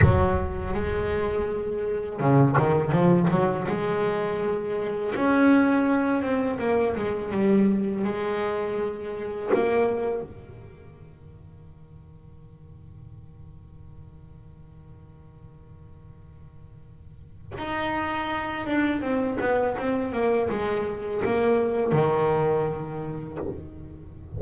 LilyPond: \new Staff \with { instrumentName = "double bass" } { \time 4/4 \tempo 4 = 82 fis4 gis2 cis8 dis8 | f8 fis8 gis2 cis'4~ | cis'8 c'8 ais8 gis8 g4 gis4~ | gis4 ais4 dis2~ |
dis1~ | dis1 | dis'4. d'8 c'8 b8 c'8 ais8 | gis4 ais4 dis2 | }